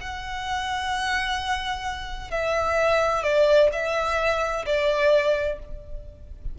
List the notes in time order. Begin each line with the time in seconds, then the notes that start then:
0.00 F#5
2.31 E5
3.23 D5
3.72 E5
4.66 D5